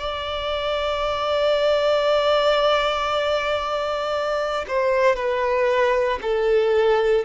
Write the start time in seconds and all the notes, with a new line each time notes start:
0.00 D5
4.68 C5
5.16 B4
6.22 A4